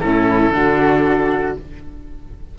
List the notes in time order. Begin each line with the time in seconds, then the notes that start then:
0.00 A2 C#4 E4 A4
0.50 D3 D4 F#4